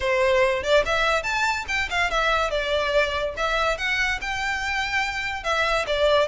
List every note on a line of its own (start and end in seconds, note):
0.00 0.63 C5
0.63 0.84 D5
0.85 1.23 E5
1.23 1.65 A5
1.68 1.89 G5
1.90 2.10 F5
2.10 2.50 E5
2.50 3.34 D5
3.36 3.77 E5
3.77 4.19 F#5
4.21 5.43 G5
5.43 5.85 E5
5.86 6.28 D5